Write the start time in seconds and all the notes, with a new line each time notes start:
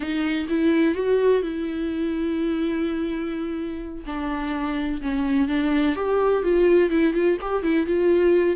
0.00 D#4
0.49 E4
0.95 F#4
1.42 E4
4.06 D4
5.01 C#4
5.47 D4
5.95 G4
6.43 F4
6.90 E4
7.13 F4
7.41 G4
7.62 E4
7.86 F4